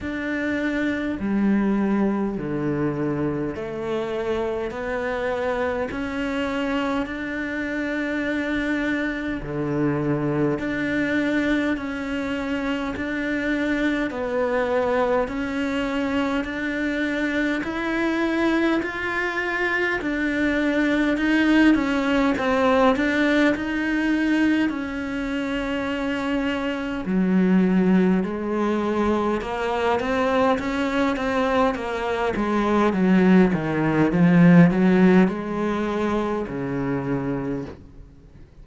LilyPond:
\new Staff \with { instrumentName = "cello" } { \time 4/4 \tempo 4 = 51 d'4 g4 d4 a4 | b4 cis'4 d'2 | d4 d'4 cis'4 d'4 | b4 cis'4 d'4 e'4 |
f'4 d'4 dis'8 cis'8 c'8 d'8 | dis'4 cis'2 fis4 | gis4 ais8 c'8 cis'8 c'8 ais8 gis8 | fis8 dis8 f8 fis8 gis4 cis4 | }